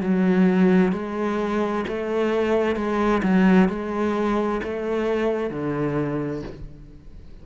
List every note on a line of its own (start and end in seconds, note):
0.00 0.92 F#3
0.92 1.84 G#3
1.88 2.76 A3
2.76 3.22 G#3
3.23 3.68 F#3
3.68 4.61 G#3
4.63 5.50 A3
5.50 6.42 D3